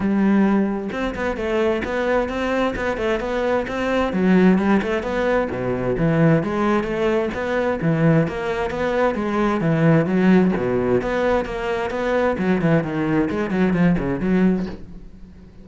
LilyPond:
\new Staff \with { instrumentName = "cello" } { \time 4/4 \tempo 4 = 131 g2 c'8 b8 a4 | b4 c'4 b8 a8 b4 | c'4 fis4 g8 a8 b4 | b,4 e4 gis4 a4 |
b4 e4 ais4 b4 | gis4 e4 fis4 b,4 | b4 ais4 b4 fis8 e8 | dis4 gis8 fis8 f8 cis8 fis4 | }